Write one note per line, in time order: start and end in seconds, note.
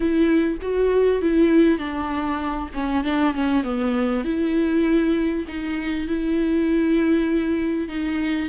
0.00 0.57 E4
0.61 1.21 F#4
1.21 1.78 E4
1.78 2.69 D4
2.74 3.04 C#4
3.04 3.34 D4
3.34 3.63 C#4
3.63 4.24 B3
4.24 5.45 E4
5.47 6.07 D#4
6.07 7.88 E4
7.88 8.48 D#4